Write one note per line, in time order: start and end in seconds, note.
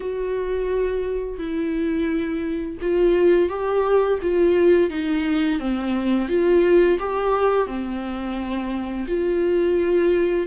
0.00 1.38 F#4
1.38 2.77 E4
2.81 3.49 F4
3.49 4.19 G4
4.21 4.90 F4
4.90 5.59 D#4
5.59 6.28 C4
6.28 6.98 F4
6.99 7.66 G4
7.66 9.06 C4
9.07 10.47 F4